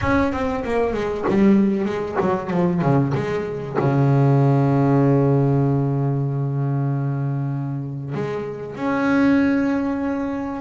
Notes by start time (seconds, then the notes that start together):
0.01 C#4
0.32 C4
0.64 A#3
0.93 G#3
1.28 G3
1.85 G#3
2.20 F#3
2.50 F3
2.81 C#3
3.14 G#3
3.79 C#3
8.14 G#3
8.75 C#4